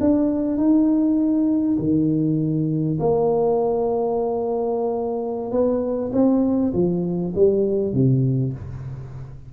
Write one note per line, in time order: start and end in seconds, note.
0.00 0.57 D4
0.57 1.77 D#4
1.78 2.98 D#3
2.99 5.51 A#3
5.51 6.11 B3
6.12 6.72 C4
6.73 7.33 F3
7.35 7.93 G3
7.93 8.53 C3